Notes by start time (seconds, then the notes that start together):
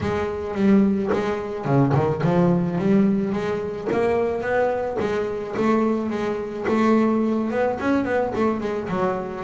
0.01 G#3
0.55 G3
1.12 G#3
1.65 C#3
1.94 D#3
2.23 F3
2.78 G3
3.32 G#3
3.92 A#3
4.41 B3
4.99 G#3
5.56 A3
6.10 G#3
6.68 A3
7.50 B3
7.80 C#4
8.05 B3
8.35 A3
8.60 G#3
8.88 F#3